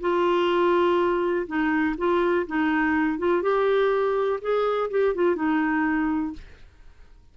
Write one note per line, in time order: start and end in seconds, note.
0.00 1.46 F4
1.47 1.96 D#4
1.97 2.46 F4
2.47 3.18 D#4
3.18 3.42 F4
3.42 4.39 G4
4.41 4.90 G#4
4.90 5.15 G4
5.15 5.35 F4
5.35 6.33 D#4